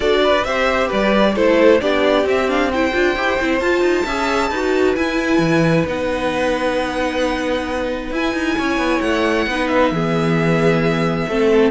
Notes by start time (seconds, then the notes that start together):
0.00 D4 F#4 A4 D5
0.23 B4
0.43 C4 G4 C5 E5
0.87 G3 B4 D5
1.35 A3 E4 A4 C5
1.80 B3 D4 G4 D5
2.24 C4 E5
2.48 D4 F5
2.71 E4 C5 G5
2.92 D4 F4
3.15 E4 G4
3.40 C4 E4
3.60 F4 A5
3.81 D#4
4.05 C#4 G#4 E5
4.49 D#4 F#4 B4
4.95 E4 G#5
5.38 E3
5.86 B3 D#4 F#5
8.11 E4 G#5
8.33 D#4
8.57 C#4 C#5
8.77 B3
9.01 A3 F#5
9.46 B3 D#4 B4
9.67 E5
9.91 E3 B3 G#4
11.28 A3 C4 A4